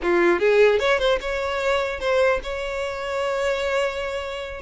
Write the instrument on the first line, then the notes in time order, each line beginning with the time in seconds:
violin
0.02 F4
0.39 G#4
0.79 C#5
0.99 C5
1.20 C#5
1.99 C5
2.43 C#5